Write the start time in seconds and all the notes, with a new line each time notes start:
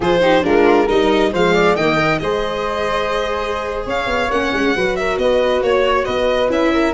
0.00 F3 F4 G#4 C5
0.21 D#4 G4
0.42 G#3 D4 F4 A#4
0.85 G3 D#4 A#4 D#5
1.31 F3 G#3 C5 F5
1.53 D5
1.75 D#3 A#3 D#5 G5
1.96 A#4
2.19 G#3 G#4 C5 D#5
3.86 C#4 C#5 F5
4.06 B3
4.29 A#3 C#4 F#5
4.53 G#3
4.75 F#3 F#4 B4
4.96 A#4 E5
5.17 B3 B4 D#5
5.61 A#3 C#5
6.05 B3 B4 D#5
6.49 C#4 E4 E5
6.73 A#4